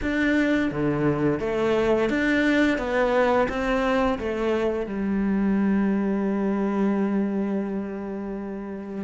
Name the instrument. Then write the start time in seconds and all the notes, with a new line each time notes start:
cello
0.02 D4
0.71 D3
1.39 A3
2.09 D4
2.77 B3
3.49 C4
4.19 A3
4.86 G3